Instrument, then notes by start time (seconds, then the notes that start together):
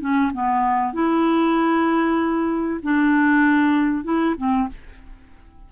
clarinet
0.00 C#4
0.33 B3
0.93 E4
2.83 D4
4.04 E4
4.37 C4